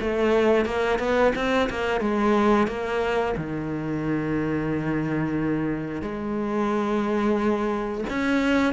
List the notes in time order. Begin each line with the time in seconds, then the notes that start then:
0.00 A3
0.65 A#3
0.99 B3
1.35 C4
1.69 A#3
2.00 G#3
2.67 A#3
3.37 D#3
6.02 G#3
8.10 C#4